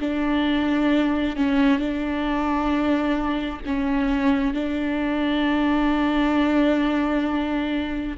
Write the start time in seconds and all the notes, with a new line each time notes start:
0.00 D4
1.36 C#4
1.79 D4
3.66 C#4
4.54 D4